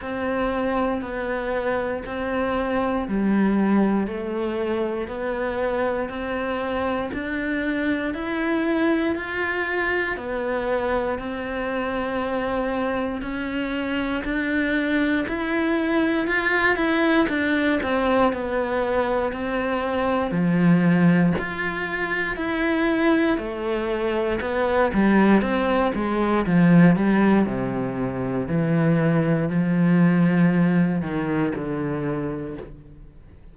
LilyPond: \new Staff \with { instrumentName = "cello" } { \time 4/4 \tempo 4 = 59 c'4 b4 c'4 g4 | a4 b4 c'4 d'4 | e'4 f'4 b4 c'4~ | c'4 cis'4 d'4 e'4 |
f'8 e'8 d'8 c'8 b4 c'4 | f4 f'4 e'4 a4 | b8 g8 c'8 gis8 f8 g8 c4 | e4 f4. dis8 d4 | }